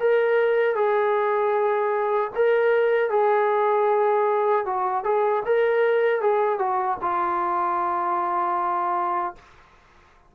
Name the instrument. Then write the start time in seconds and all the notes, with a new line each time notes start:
trombone
0.00 A#4
0.75 G#4
2.35 A#4
3.10 G#4
4.65 F#4
5.04 G#4
5.45 A#4
6.21 G#4
6.58 F#4
7.01 F4